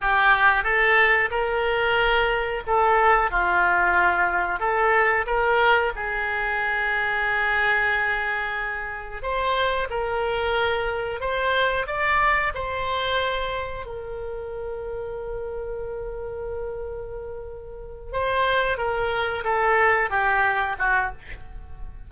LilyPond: \new Staff \with { instrumentName = "oboe" } { \time 4/4 \tempo 4 = 91 g'4 a'4 ais'2 | a'4 f'2 a'4 | ais'4 gis'2.~ | gis'2 c''4 ais'4~ |
ais'4 c''4 d''4 c''4~ | c''4 ais'2.~ | ais'2.~ ais'8 c''8~ | c''8 ais'4 a'4 g'4 fis'8 | }